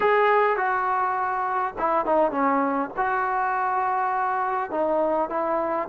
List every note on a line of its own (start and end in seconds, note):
0.00 0.56 G#4
0.56 1.74 F#4
1.78 2.05 E4
2.05 2.31 D#4
2.31 2.90 C#4
2.97 4.70 F#4
4.70 5.29 D#4
5.29 5.88 E4